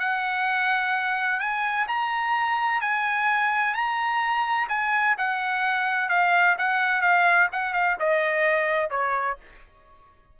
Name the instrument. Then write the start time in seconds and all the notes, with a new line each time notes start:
trumpet
0.00 F#5
1.40 G#5
1.88 A#5
2.81 G#5
3.75 A#5
4.69 G#5
5.18 F#5
6.10 F5
6.59 F#5
7.02 F5
7.53 F#5
7.74 F5
8.00 D#5
8.91 C#5